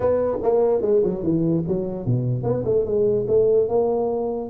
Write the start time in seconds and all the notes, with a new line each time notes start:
0.00 B3
0.42 A#3
0.81 G#3
1.03 F#3
1.23 E3
1.67 F#3
2.06 B2
2.43 B3
2.65 A3
2.85 G#3
3.27 A3
3.68 A#3